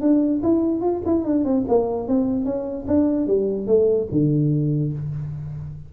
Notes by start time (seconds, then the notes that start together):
0.00 D4
0.42 E4
0.81 F4
1.05 E4
1.24 D4
1.44 C4
1.68 A#3
2.07 C4
2.44 C#4
2.87 D4
3.27 G3
3.66 A3
4.11 D3